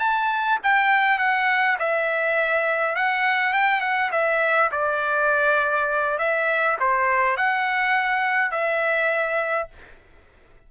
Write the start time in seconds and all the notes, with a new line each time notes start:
0.00 A5
0.63 G5
1.19 F#5
1.79 E5
2.96 F#5
3.53 G5
3.81 F#5
4.12 E5
4.72 D5
6.19 E5
6.80 C5
7.37 F#5
8.51 E5